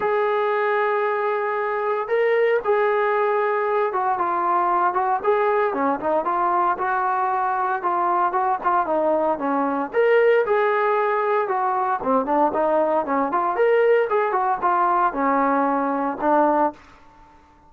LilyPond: \new Staff \with { instrumentName = "trombone" } { \time 4/4 \tempo 4 = 115 gis'1 | ais'4 gis'2~ gis'8 fis'8 | f'4. fis'8 gis'4 cis'8 dis'8 | f'4 fis'2 f'4 |
fis'8 f'8 dis'4 cis'4 ais'4 | gis'2 fis'4 c'8 d'8 | dis'4 cis'8 f'8 ais'4 gis'8 fis'8 | f'4 cis'2 d'4 | }